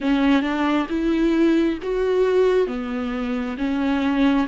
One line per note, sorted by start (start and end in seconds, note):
0.00 0.42 C#4
0.42 0.87 D4
0.89 1.78 E4
1.82 2.67 F#4
2.67 3.57 B3
3.57 4.47 C#4